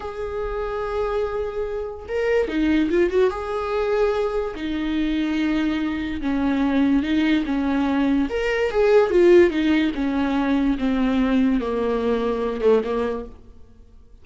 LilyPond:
\new Staff \with { instrumentName = "viola" } { \time 4/4 \tempo 4 = 145 gis'1~ | gis'4 ais'4 dis'4 f'8 fis'8 | gis'2. dis'4~ | dis'2. cis'4~ |
cis'4 dis'4 cis'2 | ais'4 gis'4 f'4 dis'4 | cis'2 c'2 | ais2~ ais8 a8 ais4 | }